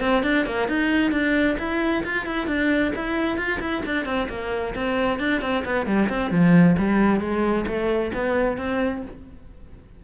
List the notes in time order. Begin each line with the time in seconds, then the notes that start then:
0.00 C4
0.23 D4
0.46 A#3
0.68 D#4
1.11 D4
1.58 E4
2.04 F4
2.25 E4
2.47 D4
2.95 E4
3.37 F4
3.60 E4
3.86 D4
4.05 C4
4.29 A#3
4.75 C4
5.19 D4
5.41 C4
5.65 B3
5.86 G3
6.09 C4
6.31 F3
6.78 G3
7.20 G#3
7.67 A3
8.14 B3
8.57 C4